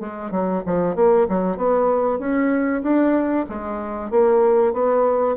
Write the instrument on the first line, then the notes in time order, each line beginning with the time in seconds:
bassoon
0.00 G#3
0.31 F#3
0.66 F3
0.95 A#3
1.28 F#3
1.57 B3
2.19 C#4
2.82 D4
3.49 G#3
4.11 A#3
4.73 B3